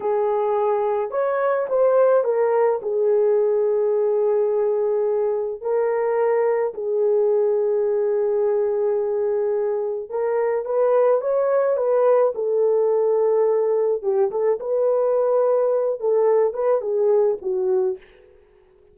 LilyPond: \new Staff \with { instrumentName = "horn" } { \time 4/4 \tempo 4 = 107 gis'2 cis''4 c''4 | ais'4 gis'2.~ | gis'2 ais'2 | gis'1~ |
gis'2 ais'4 b'4 | cis''4 b'4 a'2~ | a'4 g'8 a'8 b'2~ | b'8 a'4 b'8 gis'4 fis'4 | }